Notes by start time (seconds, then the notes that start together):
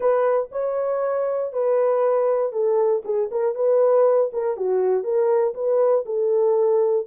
0.00 B4
0.51 C#5
1.52 B4
2.52 A4
3.04 G#4
3.31 A#4
3.55 B4
4.32 A#4
4.57 F#4
5.03 A#4
5.54 B4
6.05 A4